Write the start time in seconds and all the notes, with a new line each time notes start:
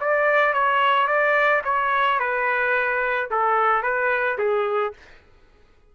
0.00 D5
0.53 C#5
1.07 D5
1.64 C#5
2.19 B4
3.30 A4
3.83 B4
4.38 G#4